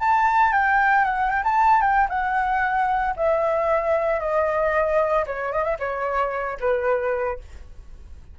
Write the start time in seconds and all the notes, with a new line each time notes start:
0.00 A5
0.52 G5
1.05 F#5
1.30 G5
1.44 A5
1.81 G5
2.09 F#5
3.17 E5
4.20 D#5
5.26 C#5
5.52 D#5
5.64 E5
5.79 C#5
6.60 B4